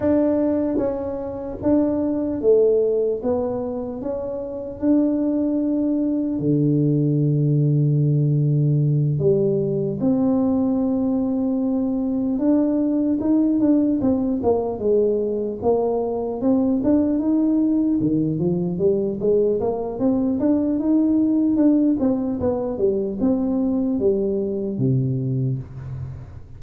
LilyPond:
\new Staff \with { instrumentName = "tuba" } { \time 4/4 \tempo 4 = 75 d'4 cis'4 d'4 a4 | b4 cis'4 d'2 | d2.~ d8 g8~ | g8 c'2. d'8~ |
d'8 dis'8 d'8 c'8 ais8 gis4 ais8~ | ais8 c'8 d'8 dis'4 dis8 f8 g8 | gis8 ais8 c'8 d'8 dis'4 d'8 c'8 | b8 g8 c'4 g4 c4 | }